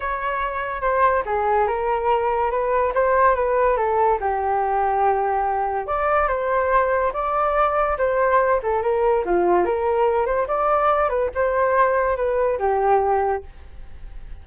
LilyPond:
\new Staff \with { instrumentName = "flute" } { \time 4/4 \tempo 4 = 143 cis''2 c''4 gis'4 | ais'2 b'4 c''4 | b'4 a'4 g'2~ | g'2 d''4 c''4~ |
c''4 d''2 c''4~ | c''8 a'8 ais'4 f'4 ais'4~ | ais'8 c''8 d''4. b'8 c''4~ | c''4 b'4 g'2 | }